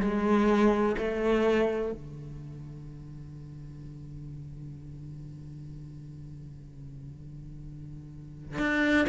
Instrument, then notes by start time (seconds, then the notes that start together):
cello
0.00 G#3
0.97 A3
1.92 D3
8.58 D4